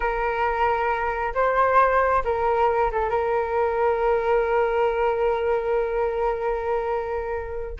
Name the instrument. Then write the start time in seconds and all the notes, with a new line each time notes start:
flute
0.00 A#4
1.34 C5
2.24 A#4
2.91 A4
3.09 A#4